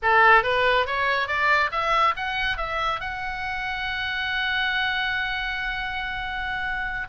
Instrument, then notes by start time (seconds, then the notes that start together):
oboe
0.02 A4
0.43 B4
0.86 C#5
1.27 D5
1.71 E5
2.16 F#5
2.57 E5
3.00 F#5